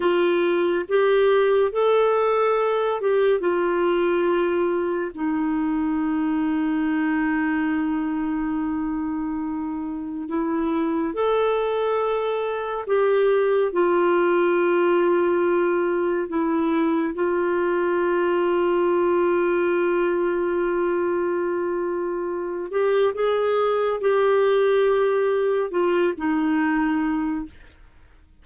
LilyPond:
\new Staff \with { instrumentName = "clarinet" } { \time 4/4 \tempo 4 = 70 f'4 g'4 a'4. g'8 | f'2 dis'2~ | dis'1 | e'4 a'2 g'4 |
f'2. e'4 | f'1~ | f'2~ f'8 g'8 gis'4 | g'2 f'8 dis'4. | }